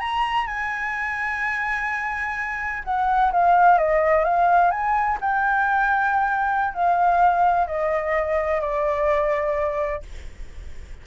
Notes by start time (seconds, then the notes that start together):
0.00 A#5
0.46 G#5
2.84 F#5
3.32 F5
3.78 D#5
4.24 F5
4.71 G#5
5.21 G5
6.74 F5
7.67 D#5
8.60 D5